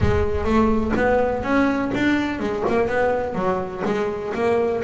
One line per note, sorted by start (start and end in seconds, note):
0.00 0.44 G#3
0.44 0.92 A3
0.96 1.43 B3
1.43 1.91 C#4
1.94 2.39 D4
2.39 2.63 G#3
2.68 2.87 A#3
2.87 3.35 B3
3.35 3.83 F#3
3.85 4.33 G#3
4.34 4.82 A#3